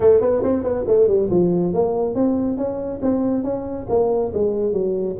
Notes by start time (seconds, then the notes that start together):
0.00 A3
0.20 B3
0.42 C4
0.63 B3
0.87 A3
1.07 G3
1.30 F3
1.73 A#3
2.15 C4
2.57 C#4
3.02 C4
3.43 C#4
3.89 A#3
4.33 G#3
4.72 F#3